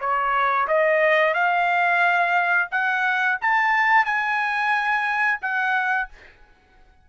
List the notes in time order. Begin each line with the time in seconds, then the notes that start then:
0.00 C#5
0.68 D#5
1.34 F5
2.71 F#5
3.41 A5
4.05 G#5
5.42 F#5